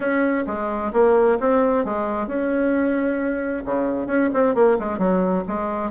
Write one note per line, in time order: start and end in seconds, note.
0.00 0.44 C#4
0.46 0.92 G#3
0.93 1.38 A#3
1.40 1.85 C4
1.85 2.27 G#3
2.27 3.63 C#4
3.65 4.07 C#3
4.07 4.29 C#4
4.33 4.54 C4
4.54 4.77 A#3
4.79 4.98 G#3
4.98 5.43 F#3
5.47 5.90 G#3